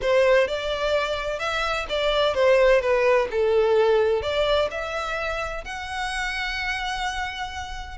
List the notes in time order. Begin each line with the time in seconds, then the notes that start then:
0.01 C5
0.47 D5
1.39 E5
1.89 D5
2.34 C5
2.81 B4
3.30 A4
4.22 D5
4.70 E5
5.64 F#5